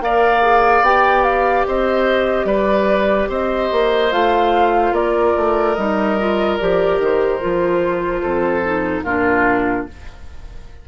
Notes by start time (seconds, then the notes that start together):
0.00 A#3 A#4 D5 F5
0.42 G#4
0.81 B3 G4 G5
1.24 F5
1.66 C4 C5 D#5
2.44 G3 B4 D5
3.29 C4 C5 D#5
3.72 A#3
4.11 A3 F4 F5
4.92 A#3 A#4 D5
5.36 A3
5.74 G3 D#4 D#5
6.19 F4
6.58 F3 G4 D5
6.99 D#3 C5
7.40 F3 F4
8.22 F2 A4
8.63 D#4
9.03 A#2 D4 F4 A#4